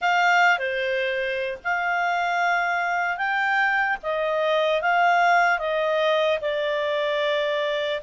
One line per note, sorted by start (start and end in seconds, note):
0.01 0.58 F5
0.58 1.58 C5
1.64 3.17 F5
3.17 3.97 G5
4.03 4.81 D#5
4.81 5.58 F5
5.58 6.38 D#5
6.41 8.01 D5